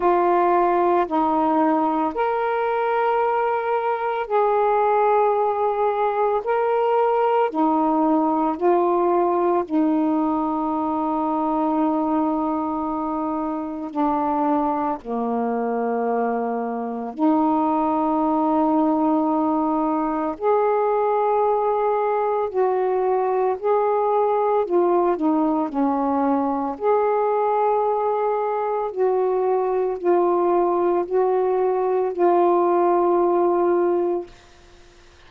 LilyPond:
\new Staff \with { instrumentName = "saxophone" } { \time 4/4 \tempo 4 = 56 f'4 dis'4 ais'2 | gis'2 ais'4 dis'4 | f'4 dis'2.~ | dis'4 d'4 ais2 |
dis'2. gis'4~ | gis'4 fis'4 gis'4 f'8 dis'8 | cis'4 gis'2 fis'4 | f'4 fis'4 f'2 | }